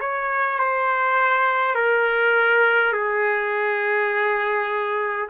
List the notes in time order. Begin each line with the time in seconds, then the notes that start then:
0.00 C#5
0.59 C5
1.75 A#4
2.93 G#4